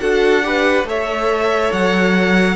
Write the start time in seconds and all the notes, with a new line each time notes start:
0.00 D4 F#4 A4 F#5
0.42 G4 B4
0.83 A3 A4 C#5 E5
1.72 F#3 F#5